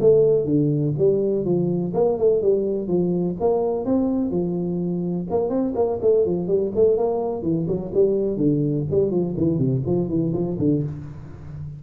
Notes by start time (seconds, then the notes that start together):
0.00 A3
0.45 D3
0.98 G3
1.44 F3
1.94 A#3
2.18 A3
2.42 G3
2.87 F3
3.40 A#3
3.85 C4
4.30 F3
5.30 A#3
5.49 C4
5.75 A#3
6.02 A3
6.25 F3
6.48 G3
6.75 A3
6.97 A#3
7.42 E3
7.68 F#3
7.94 G3
8.37 D3
8.90 G3
9.10 F3
9.37 E3
9.58 C3
9.86 F3
10.08 E3
10.33 F3
10.59 D3